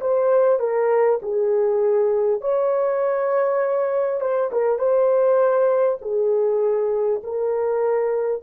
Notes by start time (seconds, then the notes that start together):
0.00 C5
0.59 A#4
1.22 G#4
2.41 C#5
4.21 C5
4.52 A#4
4.78 C5
6.01 G#4
7.23 A#4